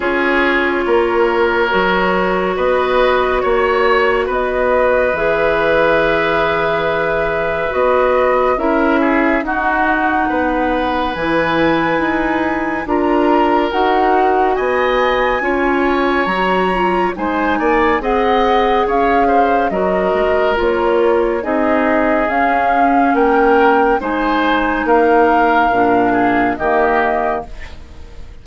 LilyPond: <<
  \new Staff \with { instrumentName = "flute" } { \time 4/4 \tempo 4 = 70 cis''2. dis''4 | cis''4 dis''4 e''2~ | e''4 dis''4 e''4 fis''4~ | fis''4 gis''2 ais''4 |
fis''4 gis''2 ais''4 | gis''4 fis''4 f''4 dis''4 | cis''4 dis''4 f''4 g''4 | gis''4 f''2 dis''4 | }
  \new Staff \with { instrumentName = "oboe" } { \time 4/4 gis'4 ais'2 b'4 | cis''4 b'2.~ | b'2 ais'8 gis'8 fis'4 | b'2. ais'4~ |
ais'4 dis''4 cis''2 | c''8 d''8 dis''4 cis''8 c''8 ais'4~ | ais'4 gis'2 ais'4 | c''4 ais'4. gis'8 g'4 | }
  \new Staff \with { instrumentName = "clarinet" } { \time 4/4 f'2 fis'2~ | fis'2 gis'2~ | gis'4 fis'4 e'4 dis'4~ | dis'4 e'2 f'4 |
fis'2 f'4 fis'8 f'8 | dis'4 gis'2 fis'4 | f'4 dis'4 cis'2 | dis'2 d'4 ais4 | }
  \new Staff \with { instrumentName = "bassoon" } { \time 4/4 cis'4 ais4 fis4 b4 | ais4 b4 e2~ | e4 b4 cis'4 dis'4 | b4 e4 dis'4 d'4 |
dis'4 b4 cis'4 fis4 | gis8 ais8 c'4 cis'4 fis8 gis8 | ais4 c'4 cis'4 ais4 | gis4 ais4 ais,4 dis4 | }
>>